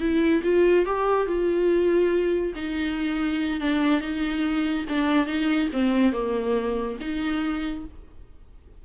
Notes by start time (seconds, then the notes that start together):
0.00 E4
0.43 F4
0.86 G4
1.27 F4
2.55 D#4
3.60 D4
4.01 D#4
4.89 D4
5.26 D#4
5.73 C4
6.13 A#3
7.01 D#4